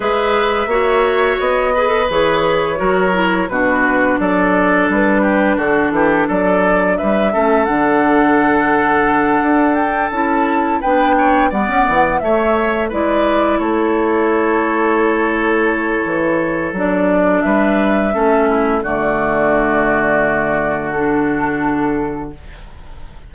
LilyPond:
<<
  \new Staff \with { instrumentName = "flute" } { \time 4/4 \tempo 4 = 86 e''2 dis''4 cis''4~ | cis''4 b'4 d''4 b'4 | a'4 d''4 e''4 fis''4~ | fis''2 g''8 a''4 g''8~ |
g''8 fis''4 e''4 d''4 cis''8~ | cis''1 | d''4 e''2 d''4~ | d''2 a'2 | }
  \new Staff \with { instrumentName = "oboe" } { \time 4/4 b'4 cis''4. b'4. | ais'4 fis'4 a'4. g'8 | fis'8 g'8 a'4 b'8 a'4.~ | a'2.~ a'8 b'8 |
cis''8 d''4 cis''4 b'4 a'8~ | a'1~ | a'4 b'4 a'8 e'8 fis'4~ | fis'1 | }
  \new Staff \with { instrumentName = "clarinet" } { \time 4/4 gis'4 fis'4. gis'16 a'16 gis'4 | fis'8 e'8 d'2.~ | d'2~ d'8 cis'8 d'4~ | d'2~ d'8 e'4 d'8~ |
d'8 b4 a4 e'4.~ | e'1 | d'2 cis'4 a4~ | a2 d'2 | }
  \new Staff \with { instrumentName = "bassoon" } { \time 4/4 gis4 ais4 b4 e4 | fis4 b,4 fis4 g4 | d8 e8 fis4 g8 a8 d4~ | d4. d'4 cis'4 b8~ |
b8 g16 cis'16 e8 a4 gis4 a8~ | a2. e4 | fis4 g4 a4 d4~ | d1 | }
>>